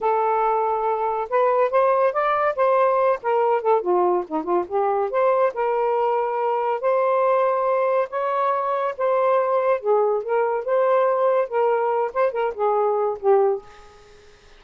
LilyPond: \new Staff \with { instrumentName = "saxophone" } { \time 4/4 \tempo 4 = 141 a'2. b'4 | c''4 d''4 c''4. ais'8~ | ais'8 a'8 f'4 dis'8 f'8 g'4 | c''4 ais'2. |
c''2. cis''4~ | cis''4 c''2 gis'4 | ais'4 c''2 ais'4~ | ais'8 c''8 ais'8 gis'4. g'4 | }